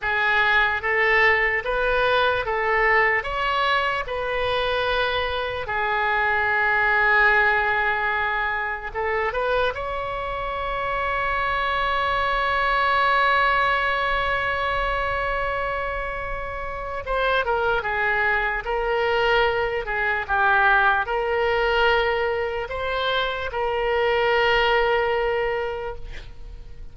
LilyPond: \new Staff \with { instrumentName = "oboe" } { \time 4/4 \tempo 4 = 74 gis'4 a'4 b'4 a'4 | cis''4 b'2 gis'4~ | gis'2. a'8 b'8 | cis''1~ |
cis''1~ | cis''4 c''8 ais'8 gis'4 ais'4~ | ais'8 gis'8 g'4 ais'2 | c''4 ais'2. | }